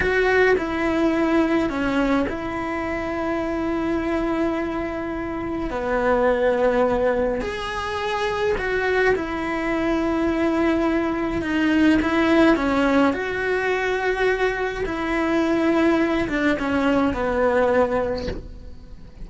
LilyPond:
\new Staff \with { instrumentName = "cello" } { \time 4/4 \tempo 4 = 105 fis'4 e'2 cis'4 | e'1~ | e'2 b2~ | b4 gis'2 fis'4 |
e'1 | dis'4 e'4 cis'4 fis'4~ | fis'2 e'2~ | e'8 d'8 cis'4 b2 | }